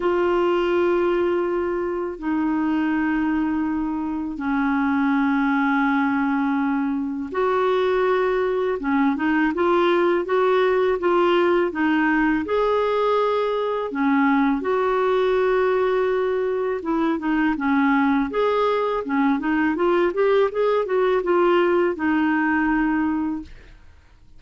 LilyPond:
\new Staff \with { instrumentName = "clarinet" } { \time 4/4 \tempo 4 = 82 f'2. dis'4~ | dis'2 cis'2~ | cis'2 fis'2 | cis'8 dis'8 f'4 fis'4 f'4 |
dis'4 gis'2 cis'4 | fis'2. e'8 dis'8 | cis'4 gis'4 cis'8 dis'8 f'8 g'8 | gis'8 fis'8 f'4 dis'2 | }